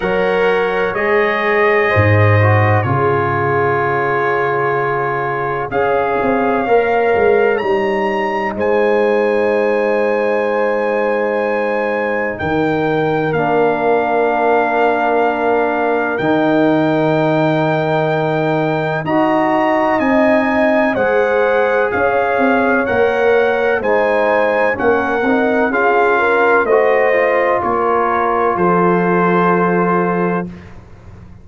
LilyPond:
<<
  \new Staff \with { instrumentName = "trumpet" } { \time 4/4 \tempo 4 = 63 fis''4 dis''2 cis''4~ | cis''2 f''2 | ais''4 gis''2.~ | gis''4 g''4 f''2~ |
f''4 g''2. | ais''4 gis''4 fis''4 f''4 | fis''4 gis''4 fis''4 f''4 | dis''4 cis''4 c''2 | }
  \new Staff \with { instrumentName = "horn" } { \time 4/4 cis''2 c''4 gis'4~ | gis'2 cis''2~ | cis''4 c''2.~ | c''4 ais'2.~ |
ais'1 | dis''2 c''4 cis''4~ | cis''4 c''4 ais'4 gis'8 ais'8 | c''4 ais'4 a'2 | }
  \new Staff \with { instrumentName = "trombone" } { \time 4/4 ais'4 gis'4. fis'8 f'4~ | f'2 gis'4 ais'4 | dis'1~ | dis'2 d'2~ |
d'4 dis'2. | fis'4 dis'4 gis'2 | ais'4 dis'4 cis'8 dis'8 f'4 | fis'8 f'2.~ f'8 | }
  \new Staff \with { instrumentName = "tuba" } { \time 4/4 fis4 gis4 gis,4 cis4~ | cis2 cis'8 c'8 ais8 gis8 | g4 gis2.~ | gis4 dis4 ais2~ |
ais4 dis2. | dis'4 c'4 gis4 cis'8 c'8 | ais4 gis4 ais8 c'8 cis'4 | a4 ais4 f2 | }
>>